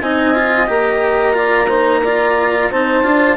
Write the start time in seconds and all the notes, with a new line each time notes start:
0.00 C4 D#4 D#5 G#5
0.34 F4
0.67 A#3 G4 A#5
1.33 F4 D5
1.67 D#4 C5
2.03 F4 D5
2.70 C4 D#4 C5 A5
3.03 D4 F4